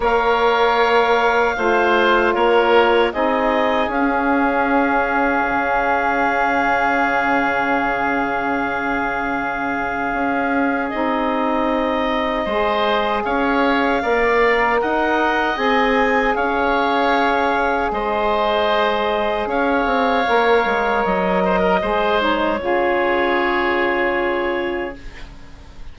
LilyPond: <<
  \new Staff \with { instrumentName = "clarinet" } { \time 4/4 \tempo 4 = 77 f''2. cis''4 | dis''4 f''2.~ | f''1~ | f''2 dis''2~ |
dis''4 f''2 fis''4 | gis''4 f''2 dis''4~ | dis''4 f''2 dis''4~ | dis''8 cis''2.~ cis''8 | }
  \new Staff \with { instrumentName = "oboe" } { \time 4/4 cis''2 c''4 ais'4 | gis'1~ | gis'1~ | gis'1 |
c''4 cis''4 d''4 dis''4~ | dis''4 cis''2 c''4~ | c''4 cis''2~ cis''8 c''16 ais'16 | c''4 gis'2. | }
  \new Staff \with { instrumentName = "saxophone" } { \time 4/4 ais'2 f'2 | dis'4 cis'2.~ | cis'1~ | cis'2 dis'2 |
gis'2 ais'2 | gis'1~ | gis'2 ais'2 | gis'8 dis'8 f'2. | }
  \new Staff \with { instrumentName = "bassoon" } { \time 4/4 ais2 a4 ais4 | c'4 cis'2 cis4~ | cis1~ | cis4 cis'4 c'2 |
gis4 cis'4 ais4 dis'4 | c'4 cis'2 gis4~ | gis4 cis'8 c'8 ais8 gis8 fis4 | gis4 cis2. | }
>>